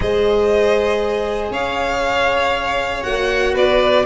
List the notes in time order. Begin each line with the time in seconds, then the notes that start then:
0.00 G#3 G#4 C5 D#5
1.50 C#4 C#5 F5
3.02 A#3 F#4 F#5
3.53 B3 B4 D5